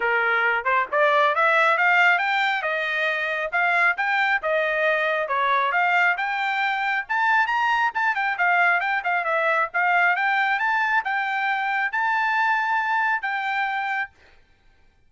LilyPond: \new Staff \with { instrumentName = "trumpet" } { \time 4/4 \tempo 4 = 136 ais'4. c''8 d''4 e''4 | f''4 g''4 dis''2 | f''4 g''4 dis''2 | cis''4 f''4 g''2 |
a''4 ais''4 a''8 g''8 f''4 | g''8 f''8 e''4 f''4 g''4 | a''4 g''2 a''4~ | a''2 g''2 | }